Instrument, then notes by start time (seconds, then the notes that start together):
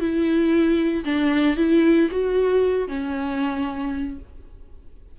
viola
0.00 E4
1.05 D4
1.57 E4
2.11 F#4
2.88 C#4